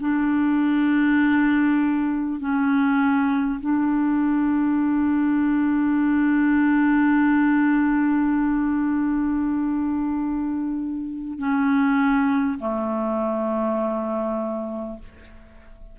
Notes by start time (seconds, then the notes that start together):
0.00 D4
2.40 C#4
3.60 D4
11.39 C#4
12.59 A3